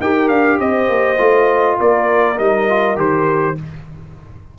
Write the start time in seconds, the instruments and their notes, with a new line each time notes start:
0.00 tuba D#4, trombone G4, horn A#4, trumpet G5
0.29 tuba D4, trumpet F5
0.59 tuba C4, horn C5, trumpet D#5
0.89 tuba A#3
1.18 tuba A3, trombone F4
1.79 tuba A#3, horn A#4, trumpet D5
2.39 tuba G3, trombone D#4, trumpet D#5
2.69 trombone F4
2.96 tuba D#3, trombone G4, trumpet C5